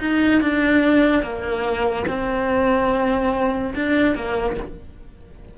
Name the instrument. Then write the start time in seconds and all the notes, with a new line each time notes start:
cello
0.00 D#4
0.42 D4
1.23 A#3
2.08 C4
3.75 D4
4.16 A#3